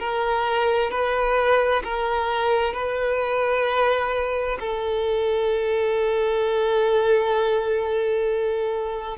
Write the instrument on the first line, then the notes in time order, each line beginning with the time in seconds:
violin
0.00 A#4
0.91 B4
1.84 A#4
2.74 B4
4.60 A4